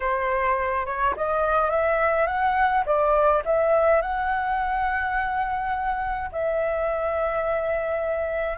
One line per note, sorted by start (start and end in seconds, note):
0.00 0.85 C5
0.85 1.14 C#5
1.16 1.70 D#5
1.70 2.26 E5
2.26 2.84 F#5
2.85 3.43 D5
3.45 4.01 E5
4.01 6.30 F#5
6.32 8.57 E5